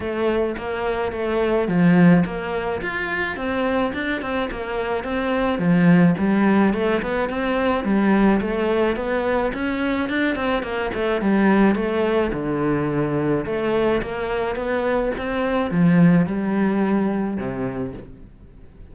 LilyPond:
\new Staff \with { instrumentName = "cello" } { \time 4/4 \tempo 4 = 107 a4 ais4 a4 f4 | ais4 f'4 c'4 d'8 c'8 | ais4 c'4 f4 g4 | a8 b8 c'4 g4 a4 |
b4 cis'4 d'8 c'8 ais8 a8 | g4 a4 d2 | a4 ais4 b4 c'4 | f4 g2 c4 | }